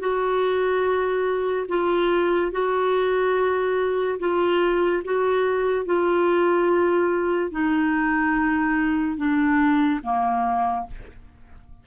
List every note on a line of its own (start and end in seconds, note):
0.00 1.67 F#4
1.69 2.52 F4
2.52 4.19 F#4
4.20 5.03 F4
5.05 5.86 F#4
5.86 7.52 F4
7.52 9.17 D#4
9.17 10.01 D4
10.04 10.87 A#3